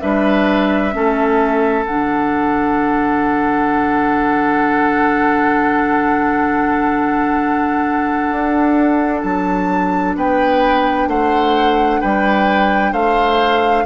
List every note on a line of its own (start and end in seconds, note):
0.00 0.94 G3
0.00 0.92 D4
0.00 0.94 B4
0.00 1.85 E5
0.92 1.86 A3
0.92 1.84 C#4
0.92 10.16 A4
1.86 8.31 D3
1.86 13.85 D4
1.86 9.22 F#5
8.31 9.23 D4
9.22 10.15 F#3
9.22 10.14 A5
10.15 11.07 B3
10.15 11.09 B4
10.15 11.08 G5
11.07 12.00 A3
11.07 12.00 C5
11.07 12.01 F#5
12.00 12.92 G3
12.00 12.92 B4
12.00 12.93 G5
12.92 13.84 A3
12.92 13.84 C5
12.92 13.85 F5